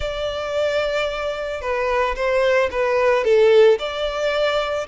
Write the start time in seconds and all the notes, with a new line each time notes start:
0.00 D5
1.61 B4
2.15 C5
2.71 B4
3.24 A4
3.78 D5